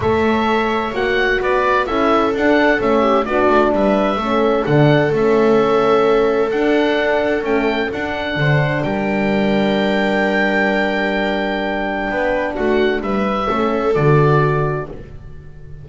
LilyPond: <<
  \new Staff \with { instrumentName = "oboe" } { \time 4/4 \tempo 4 = 129 e''2 fis''4 d''4 | e''4 fis''4 e''4 d''4 | e''2 fis''4 e''4~ | e''2 fis''2 |
g''4 fis''2 g''4~ | g''1~ | g''2. fis''4 | e''2 d''2 | }
  \new Staff \with { instrumentName = "viola" } { \time 4/4 cis''2. b'4 | a'2~ a'8 g'8 fis'4 | b'4 a'2.~ | a'1~ |
a'2 c''4 ais'4~ | ais'1~ | ais'2 b'4 fis'4 | b'4 a'2. | }
  \new Staff \with { instrumentName = "horn" } { \time 4/4 a'2 fis'2 | e'4 d'4 cis'4 d'4~ | d'4 cis'4 d'4 cis'4~ | cis'2 d'2 |
a4 d'2.~ | d'1~ | d'1~ | d'4 cis'4 fis'2 | }
  \new Staff \with { instrumentName = "double bass" } { \time 4/4 a2 ais4 b4 | cis'4 d'4 a4 b8 a8 | g4 a4 d4 a4~ | a2 d'2 |
cis'4 d'4 d4 g4~ | g1~ | g2 b4 a4 | g4 a4 d2 | }
>>